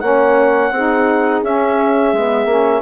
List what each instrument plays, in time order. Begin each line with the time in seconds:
0.00 bassoon A#3, saxophone C#4, horn C#5, clarinet F#5
0.71 bassoon C4, saxophone D#4, horn G#4
1.43 bassoon C#4, saxophone C#4, clarinet E5
2.13 bassoon G#3, saxophone B3
2.45 bassoon A#3, saxophone C#4